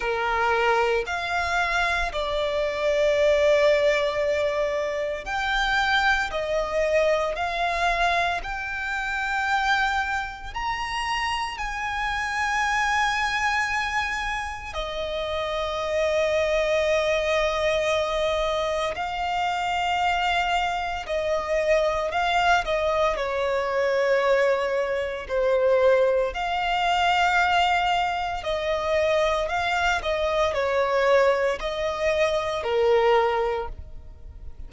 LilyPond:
\new Staff \with { instrumentName = "violin" } { \time 4/4 \tempo 4 = 57 ais'4 f''4 d''2~ | d''4 g''4 dis''4 f''4 | g''2 ais''4 gis''4~ | gis''2 dis''2~ |
dis''2 f''2 | dis''4 f''8 dis''8 cis''2 | c''4 f''2 dis''4 | f''8 dis''8 cis''4 dis''4 ais'4 | }